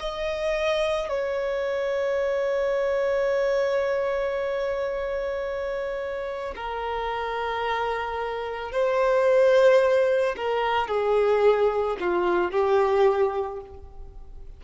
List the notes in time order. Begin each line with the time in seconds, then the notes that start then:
0.00 D#5
1.09 C#5
6.57 A#4
8.72 C5
10.37 A#4
10.88 G#4
12.00 F4
12.52 G4